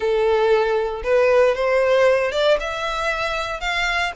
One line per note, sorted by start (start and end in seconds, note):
0.00 1.02 A4
1.03 1.55 B4
1.55 2.31 C5
2.31 2.57 D5
2.60 3.60 E5
3.60 4.12 F5